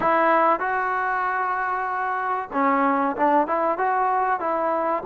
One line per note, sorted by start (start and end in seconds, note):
0.00 0.59 E4
0.59 2.49 F#4
2.52 3.16 C#4
3.16 3.47 D4
3.47 3.78 E4
3.78 4.40 F#4
4.40 5.03 E4